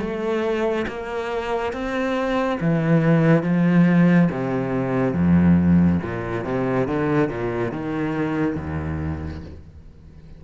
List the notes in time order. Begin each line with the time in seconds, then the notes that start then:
0.00 A3
0.88 A#3
1.73 C4
2.60 E3
3.43 F3
4.31 C3
5.14 F2
6.02 A#2
6.44 C3
6.87 D3
7.29 A#2
7.72 D#3
8.56 D#2